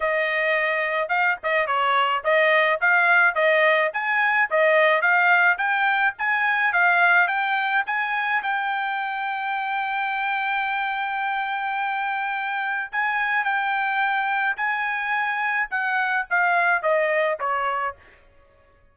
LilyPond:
\new Staff \with { instrumentName = "trumpet" } { \time 4/4 \tempo 4 = 107 dis''2 f''8 dis''8 cis''4 | dis''4 f''4 dis''4 gis''4 | dis''4 f''4 g''4 gis''4 | f''4 g''4 gis''4 g''4~ |
g''1~ | g''2. gis''4 | g''2 gis''2 | fis''4 f''4 dis''4 cis''4 | }